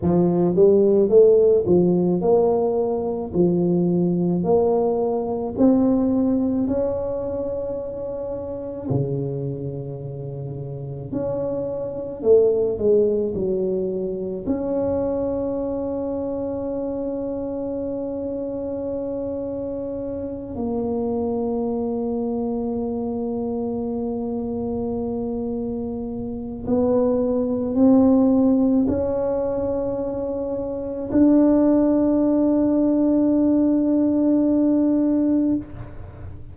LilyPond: \new Staff \with { instrumentName = "tuba" } { \time 4/4 \tempo 4 = 54 f8 g8 a8 f8 ais4 f4 | ais4 c'4 cis'2 | cis2 cis'4 a8 gis8 | fis4 cis'2.~ |
cis'2~ cis'8 ais4.~ | ais1 | b4 c'4 cis'2 | d'1 | }